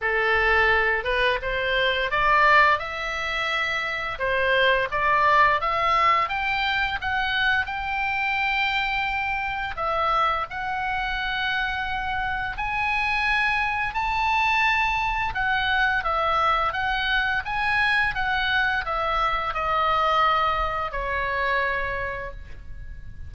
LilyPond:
\new Staff \with { instrumentName = "oboe" } { \time 4/4 \tempo 4 = 86 a'4. b'8 c''4 d''4 | e''2 c''4 d''4 | e''4 g''4 fis''4 g''4~ | g''2 e''4 fis''4~ |
fis''2 gis''2 | a''2 fis''4 e''4 | fis''4 gis''4 fis''4 e''4 | dis''2 cis''2 | }